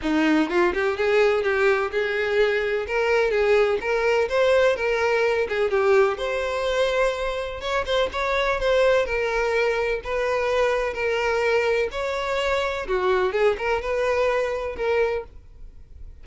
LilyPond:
\new Staff \with { instrumentName = "violin" } { \time 4/4 \tempo 4 = 126 dis'4 f'8 g'8 gis'4 g'4 | gis'2 ais'4 gis'4 | ais'4 c''4 ais'4. gis'8 | g'4 c''2. |
cis''8 c''8 cis''4 c''4 ais'4~ | ais'4 b'2 ais'4~ | ais'4 cis''2 fis'4 | gis'8 ais'8 b'2 ais'4 | }